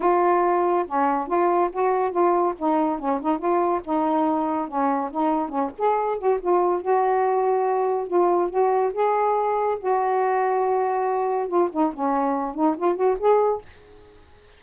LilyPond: \new Staff \with { instrumentName = "saxophone" } { \time 4/4 \tempo 4 = 141 f'2 cis'4 f'4 | fis'4 f'4 dis'4 cis'8 dis'8 | f'4 dis'2 cis'4 | dis'4 cis'8 gis'4 fis'8 f'4 |
fis'2. f'4 | fis'4 gis'2 fis'4~ | fis'2. f'8 dis'8 | cis'4. dis'8 f'8 fis'8 gis'4 | }